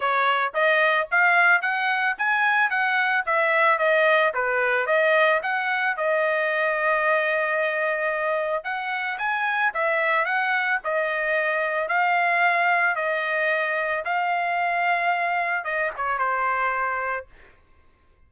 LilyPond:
\new Staff \with { instrumentName = "trumpet" } { \time 4/4 \tempo 4 = 111 cis''4 dis''4 f''4 fis''4 | gis''4 fis''4 e''4 dis''4 | b'4 dis''4 fis''4 dis''4~ | dis''1 |
fis''4 gis''4 e''4 fis''4 | dis''2 f''2 | dis''2 f''2~ | f''4 dis''8 cis''8 c''2 | }